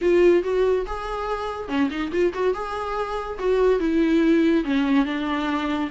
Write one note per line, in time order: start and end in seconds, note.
0.01 0.43 F4
0.43 0.85 F#4
0.86 1.68 G#4
1.68 1.89 C#4
1.90 2.11 D#4
2.11 2.33 F4
2.33 2.54 F#4
2.54 3.38 G#4
3.38 3.79 F#4
3.79 4.64 E4
4.64 5.05 C#4
5.05 5.89 D4